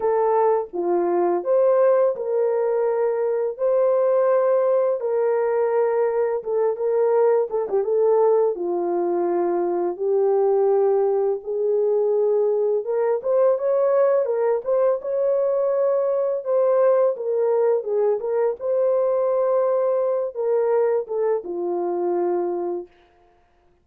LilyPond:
\new Staff \with { instrumentName = "horn" } { \time 4/4 \tempo 4 = 84 a'4 f'4 c''4 ais'4~ | ais'4 c''2 ais'4~ | ais'4 a'8 ais'4 a'16 g'16 a'4 | f'2 g'2 |
gis'2 ais'8 c''8 cis''4 | ais'8 c''8 cis''2 c''4 | ais'4 gis'8 ais'8 c''2~ | c''8 ais'4 a'8 f'2 | }